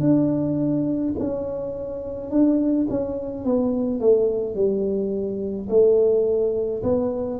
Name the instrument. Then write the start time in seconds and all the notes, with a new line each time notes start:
tuba
0.00 D4
1.19 C#4
2.30 D4
2.90 C#4
3.44 B3
4.00 A3
4.55 G3
5.69 A3
6.83 B3